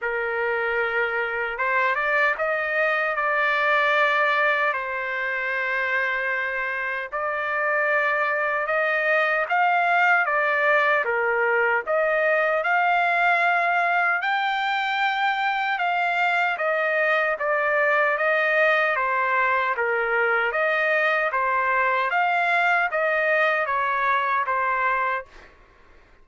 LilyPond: \new Staff \with { instrumentName = "trumpet" } { \time 4/4 \tempo 4 = 76 ais'2 c''8 d''8 dis''4 | d''2 c''2~ | c''4 d''2 dis''4 | f''4 d''4 ais'4 dis''4 |
f''2 g''2 | f''4 dis''4 d''4 dis''4 | c''4 ais'4 dis''4 c''4 | f''4 dis''4 cis''4 c''4 | }